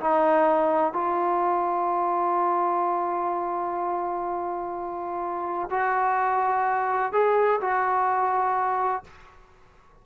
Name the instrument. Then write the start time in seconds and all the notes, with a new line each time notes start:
trombone
0.00 D#4
0.93 F4
5.70 F#4
7.13 G#4
7.61 F#4